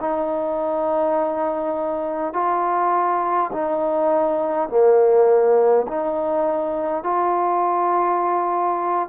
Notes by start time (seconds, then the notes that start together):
0.00 D#4
2.33 F4
3.52 D#4
4.69 A#3
5.88 D#4
7.03 F4